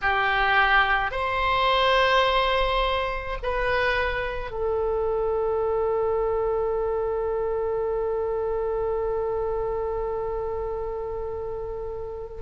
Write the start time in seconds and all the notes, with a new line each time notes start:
0.01 G4
1.11 C5
3.43 B4
4.50 A4